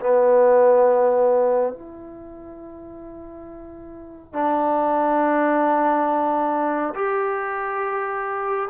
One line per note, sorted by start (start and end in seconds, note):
0.00 1.73 B3
1.73 4.34 E4
4.34 6.94 D4
6.95 8.69 G4